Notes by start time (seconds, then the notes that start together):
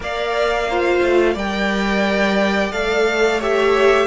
0.00 A#3 A#4 D5 F5
0.69 F4 C5
1.02 A3
1.33 G3 A#4 D5 G5
2.72 A3 A4 F5
3.38 G4 C#5 E5